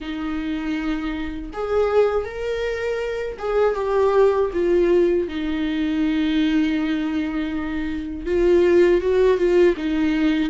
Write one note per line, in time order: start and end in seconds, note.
0.00 1.50 D#4
1.53 2.24 G#4
2.24 3.37 A#4
3.38 3.75 G#4
3.75 4.50 G4
4.53 5.28 F4
5.28 8.26 D#4
8.26 9.01 F4
9.01 9.37 F#4
9.37 9.75 F4
9.77 10.50 D#4